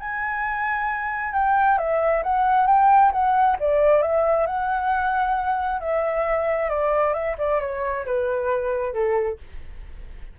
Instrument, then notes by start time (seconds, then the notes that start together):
flute
0.00 G#5
1.34 G5
1.78 E5
2.23 F#5
2.67 G5
3.12 F#5
3.60 D5
4.02 E5
4.47 F#5
5.81 E5
6.70 D5
7.14 E5
7.38 D5
7.60 C#5
8.06 B4
8.93 A4